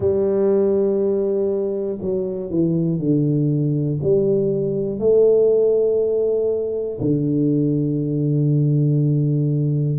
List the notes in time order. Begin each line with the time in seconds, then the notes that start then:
0.00 G3
2.01 F#3
2.50 E3
2.99 D3
4.02 G3
4.99 A3
7.00 D3